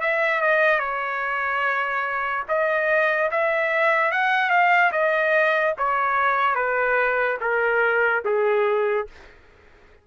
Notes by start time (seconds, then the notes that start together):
0.00 E5
0.41 D#5
0.79 C#5
2.48 D#5
3.31 E5
4.11 F#5
4.50 F5
4.91 D#5
5.78 C#5
6.55 B4
7.40 A#4
8.25 G#4